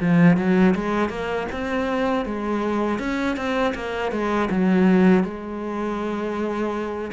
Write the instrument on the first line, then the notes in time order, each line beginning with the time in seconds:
cello
0.00 F3
0.37 F#3
0.75 G#3
1.09 A#3
1.52 C4
2.25 G#3
2.99 C#4
3.36 C4
3.75 A#3
4.11 G#3
4.50 F#3
5.24 G#3